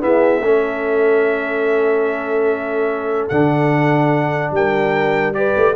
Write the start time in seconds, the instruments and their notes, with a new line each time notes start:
0.00 trombone B3, tuba E4, horn G#4, trumpet E5
0.40 tuba A3, trombone C#4, horn A4
3.28 tuba D3, trombone D4, trumpet F#5
4.51 tuba G3, horn A#4, trumpet G5
5.34 trombone G4, horn B4, trumpet D5
5.56 tuba A3